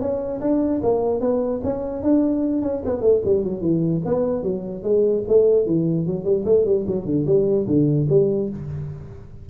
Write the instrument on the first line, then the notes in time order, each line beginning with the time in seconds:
tuba
0.00 C#4
0.41 D4
0.83 A#3
1.20 B3
1.63 C#4
2.02 D4
2.62 C#4
2.85 B3
3.01 A3
3.25 G3
3.44 F#3
3.61 E3
4.05 B3
4.43 F#3
4.83 G#3
5.28 A3
5.66 E3
6.06 F#3
6.24 G3
6.45 A3
6.65 G3
6.87 F#3
7.05 D3
7.26 G3
7.67 D3
8.09 G3